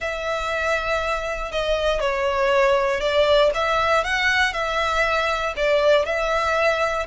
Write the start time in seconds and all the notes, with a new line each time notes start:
0.00 E5
1.51 D#5
2.00 C#5
3.00 D5
3.54 E5
4.03 F#5
4.53 E5
5.56 D5
6.05 E5